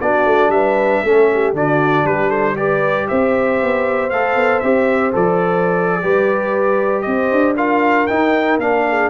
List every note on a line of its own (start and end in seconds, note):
0.00 0.25 B3
0.00 1.05 D4
0.00 0.52 F#4
0.00 0.51 D5
0.25 0.49 A3
0.49 1.00 G3
0.49 1.04 B4
0.49 1.53 E5
1.04 1.53 A3
1.04 1.54 C#4
1.04 1.29 A4
1.33 1.56 G4
1.53 2.04 D3
1.53 2.56 D4
1.53 2.06 F#4
1.53 2.06 D5
2.04 3.06 G3
2.04 2.28 G4
2.04 2.30 B4
2.28 2.54 A4
2.28 2.56 C5
2.56 4.10 G4
2.56 3.07 B4
2.56 3.07 D5
3.07 3.62 C4
3.07 6.01 C5
3.07 4.10 E5
3.62 4.12 B3
4.10 4.35 A3
4.10 4.63 A4
4.10 4.59 F5
4.35 4.61 B3
4.59 5.14 C4
4.59 5.12 G4
4.59 5.10 E5
5.12 6.03 F3
5.12 6.02 A4
5.12 7.01 D5
6.01 7.06 G3
6.01 7.55 G4
6.01 7.04 B4
7.01 7.31 C4
7.01 7.55 C5
7.01 7.52 D#5
7.31 8.08 D4
7.55 8.08 F4
7.55 8.83 A#4
7.55 8.06 F5
8.06 8.58 D#4
8.06 8.61 D#4
8.06 8.58 G5
8.58 9.09 A#3
8.58 9.10 D4
8.58 9.10 F5
8.88 9.10 G#4